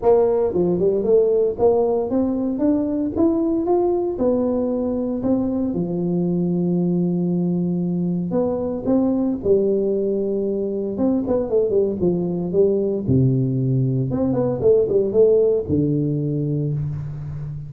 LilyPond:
\new Staff \with { instrumentName = "tuba" } { \time 4/4 \tempo 4 = 115 ais4 f8 g8 a4 ais4 | c'4 d'4 e'4 f'4 | b2 c'4 f4~ | f1 |
b4 c'4 g2~ | g4 c'8 b8 a8 g8 f4 | g4 c2 c'8 b8 | a8 g8 a4 d2 | }